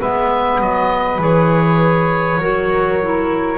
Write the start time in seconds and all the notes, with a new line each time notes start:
0.00 G#3 B3 B4 E5
0.60 F#3 D#5
1.18 E3 G#4 C#5
2.37 F#3 F#4 A#4
3.02 E4